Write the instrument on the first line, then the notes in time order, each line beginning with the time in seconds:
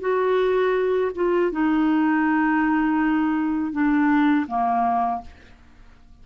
clarinet
0.00 F#4
1.15 F4
1.52 D#4
3.72 D4
4.47 A#3